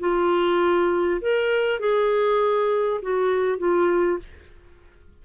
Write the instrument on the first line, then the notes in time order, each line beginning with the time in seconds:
clarinet
0.00 F4
1.22 A#4
1.80 G#4
3.02 F#4
3.59 F4